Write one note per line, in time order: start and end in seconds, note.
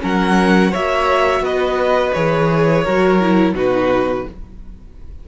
0.00 0.74 F#3
0.00 0.71 C#4
0.00 0.71 A#4
0.00 0.74 F#5
0.71 1.41 A#3
0.71 2.15 F#4
0.71 1.42 C#5
0.71 1.45 E5
1.41 2.11 B3
1.41 2.84 B4
1.41 2.14 D#5
2.14 2.86 E3
2.14 2.86 G#4
2.14 3.55 C#5
2.84 3.54 F#3
2.84 3.21 F#4
2.84 3.55 A#4
3.21 3.56 E4
3.54 4.25 B2
3.54 4.26 D#4
3.54 4.26 F#4
3.54 4.29 B4